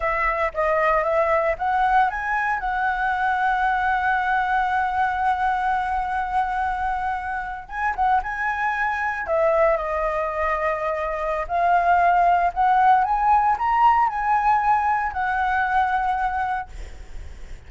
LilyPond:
\new Staff \with { instrumentName = "flute" } { \time 4/4 \tempo 4 = 115 e''4 dis''4 e''4 fis''4 | gis''4 fis''2.~ | fis''1~ | fis''2~ fis''8. gis''8 fis''8 gis''16~ |
gis''4.~ gis''16 e''4 dis''4~ dis''16~ | dis''2 f''2 | fis''4 gis''4 ais''4 gis''4~ | gis''4 fis''2. | }